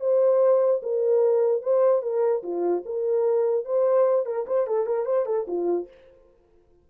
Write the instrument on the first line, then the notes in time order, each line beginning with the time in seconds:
horn
0.00 C5
0.82 A#4
1.62 C5
2.02 A#4
2.43 F4
2.85 A#4
3.65 C5
4.25 A#4
4.46 C5
4.67 A4
4.86 A#4
5.05 C5
5.26 A4
5.47 F4